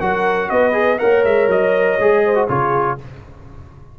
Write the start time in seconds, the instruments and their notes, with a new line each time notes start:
0.00 tuba F#3, trombone F#4, horn A#4, trumpet F#5
0.49 tuba B3, horn B4, trumpet D#5
0.73 trombone G#4
0.98 tuba A#3, trombone A#4, horn C#5, trumpet F#5
1.24 tuba G#3, trumpet E5
1.48 tuba F#3, trumpet D#5
1.99 tuba G#3, trombone G#4
2.25 horn C5
2.35 trombone F#4
2.48 tuba C#3, trombone F4, horn G#4, trumpet C#5